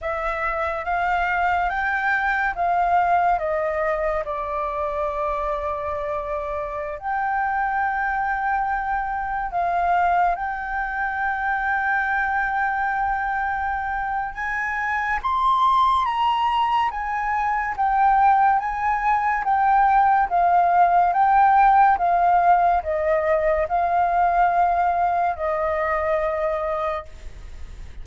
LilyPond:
\new Staff \with { instrumentName = "flute" } { \time 4/4 \tempo 4 = 71 e''4 f''4 g''4 f''4 | dis''4 d''2.~ | d''16 g''2. f''8.~ | f''16 g''2.~ g''8.~ |
g''4 gis''4 c'''4 ais''4 | gis''4 g''4 gis''4 g''4 | f''4 g''4 f''4 dis''4 | f''2 dis''2 | }